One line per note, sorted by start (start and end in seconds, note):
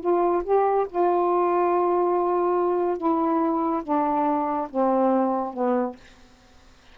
0.00 0.43 F4
0.44 0.86 G4
0.89 2.97 F4
2.97 3.82 E4
3.83 4.68 D4
4.70 5.53 C4
5.53 5.96 B3